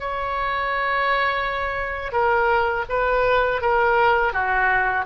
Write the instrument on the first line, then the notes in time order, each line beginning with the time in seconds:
oboe
0.00 C#5
2.13 A#4
2.89 B4
3.62 A#4
4.33 F#4